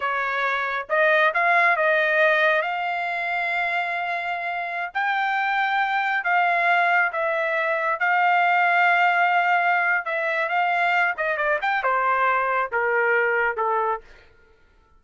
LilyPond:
\new Staff \with { instrumentName = "trumpet" } { \time 4/4 \tempo 4 = 137 cis''2 dis''4 f''4 | dis''2 f''2~ | f''2.~ f''16 g''8.~ | g''2~ g''16 f''4.~ f''16~ |
f''16 e''2 f''4.~ f''16~ | f''2. e''4 | f''4. dis''8 d''8 g''8 c''4~ | c''4 ais'2 a'4 | }